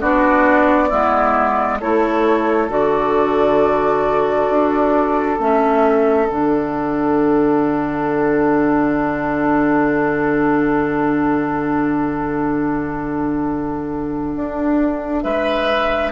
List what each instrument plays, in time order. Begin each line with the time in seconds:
0.00 bassoon B3, clarinet D4, oboe F#4, flute D5
0.88 bassoon G#3, clarinet B3, oboe E4
1.79 bassoon A3, clarinet E4, oboe A4, flute C#5
2.68 bassoon D3, clarinet F#4, flute D5
4.49 bassoon D4
5.38 bassoon A3, clarinet C#4, flute E5
6.28 bassoon D3, clarinet D4, flute F#5
14.35 bassoon D4
15.22 bassoon G#3, oboe B4, flute E5